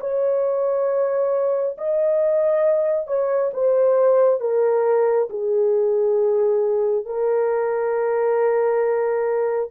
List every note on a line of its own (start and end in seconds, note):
0.00 1.76 C#5
1.77 3.07 D#5
3.07 3.51 C#5
3.53 4.40 C5
4.40 5.28 A#4
5.29 7.05 G#4
7.05 9.70 A#4